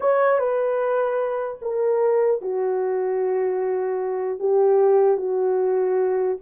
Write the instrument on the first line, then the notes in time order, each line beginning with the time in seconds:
horn
0.00 C#5
0.39 B4
1.61 A#4
2.41 F#4
4.39 G4
5.17 F#4